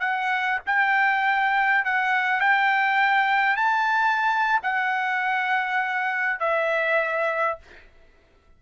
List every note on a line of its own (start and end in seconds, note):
0.00 0.59 F#5
0.66 1.85 G5
1.85 2.40 F#5
2.40 3.56 G5
3.56 4.60 A5
4.63 6.39 F#5
6.39 7.58 E5